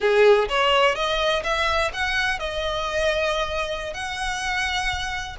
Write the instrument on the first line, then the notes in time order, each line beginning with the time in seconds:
violin
0.00 G#4
0.48 C#5
0.95 D#5
1.43 E5
1.93 F#5
2.39 D#5
3.93 F#5